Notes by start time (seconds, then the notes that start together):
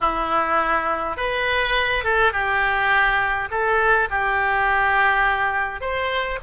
0.00 E4
1.17 B4
2.04 A4
2.32 G4
3.50 A4
4.10 G4
5.80 C5